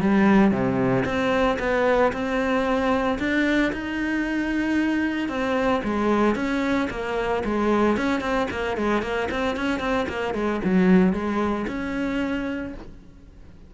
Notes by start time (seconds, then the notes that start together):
0.00 G3
0.51 C3
1.05 C4
1.59 B3
2.12 C4
3.19 D4
3.72 D#4
5.28 C4
5.83 G#3
6.35 C#4
6.90 A#3
7.44 G#3
7.97 C#4
8.20 C4
8.50 A#3
8.77 G#3
9.02 A#3
9.30 C4
9.56 C#4
9.79 C4
10.08 A#3
10.34 G#3
10.64 F#3
11.13 G#3
11.67 C#4